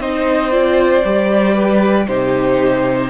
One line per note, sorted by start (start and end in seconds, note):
0.00 1.03 C4
0.00 0.51 D#4
0.00 1.55 C5
0.00 0.52 D#5
0.51 1.03 F4
0.51 2.08 D5
1.05 2.08 G3
1.05 2.08 G4
1.55 2.06 B4
2.08 3.10 C3
2.08 3.10 D#4
2.08 3.10 G4
2.08 3.10 C5